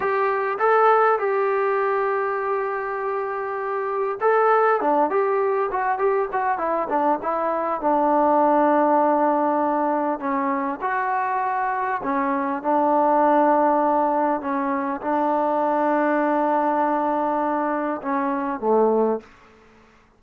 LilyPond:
\new Staff \with { instrumentName = "trombone" } { \time 4/4 \tempo 4 = 100 g'4 a'4 g'2~ | g'2. a'4 | d'8 g'4 fis'8 g'8 fis'8 e'8 d'8 | e'4 d'2.~ |
d'4 cis'4 fis'2 | cis'4 d'2. | cis'4 d'2.~ | d'2 cis'4 a4 | }